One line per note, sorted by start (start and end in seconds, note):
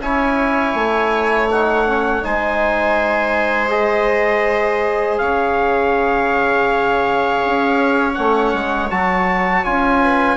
0.00 0.74 C#4
0.00 1.50 E4
0.00 2.24 C#5
0.00 1.49 G#5
0.74 2.22 A3
1.50 1.86 D#4
1.50 2.24 F#5
1.86 2.22 C#4
2.22 5.20 G#3
2.22 3.69 D#4
2.22 5.21 C5
2.22 3.70 G#5
3.69 8.13 G#4
3.69 5.18 D#5
5.18 7.42 C#3
5.18 10.02 C#5
5.18 8.14 F5
7.45 8.18 C#4
8.14 8.53 A3
8.14 8.88 C#4
8.14 8.88 F#5
8.53 8.90 G#3
8.90 9.65 F#3
8.90 9.64 F#4
8.90 9.64 A5
9.64 10.37 C#4
9.64 10.37 F4
9.64 10.37 G#5
10.02 10.37 B4